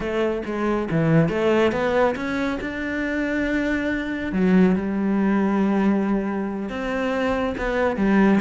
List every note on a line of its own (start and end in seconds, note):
0.00 0.41 A3
0.45 0.88 G#3
0.90 1.28 E3
1.28 1.71 A3
1.71 2.15 B3
2.15 2.58 C#4
2.60 4.32 D4
4.32 4.75 F#3
4.75 6.69 G3
6.69 7.55 C4
7.57 7.96 B3
7.96 8.39 G3